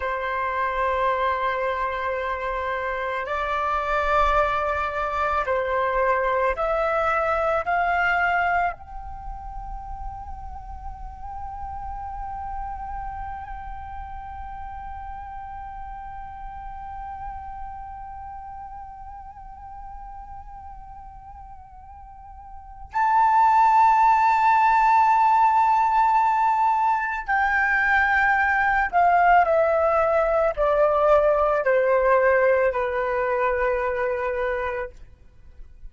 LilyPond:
\new Staff \with { instrumentName = "flute" } { \time 4/4 \tempo 4 = 55 c''2. d''4~ | d''4 c''4 e''4 f''4 | g''1~ | g''1~ |
g''1~ | g''4 a''2.~ | a''4 g''4. f''8 e''4 | d''4 c''4 b'2 | }